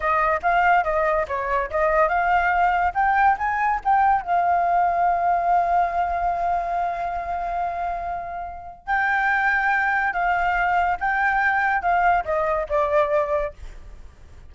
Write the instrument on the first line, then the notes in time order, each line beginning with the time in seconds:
flute
0.00 D#5
0.42 F5
0.84 D#5
1.28 C#5
1.70 D#5
2.08 F5
2.94 G5
3.38 G#5
3.84 G5
4.21 F5
8.86 G5
10.13 F5
11.00 G5
11.81 F5
12.25 D#5
12.69 D5